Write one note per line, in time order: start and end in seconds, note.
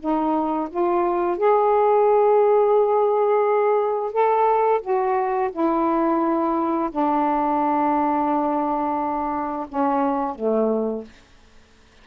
0.00 0.69 D#4
0.70 1.38 F4
1.38 4.13 G#4
4.13 4.82 A4
4.82 5.50 F#4
5.52 6.90 E4
6.91 9.67 D4
9.69 10.35 C#4
10.35 11.04 A3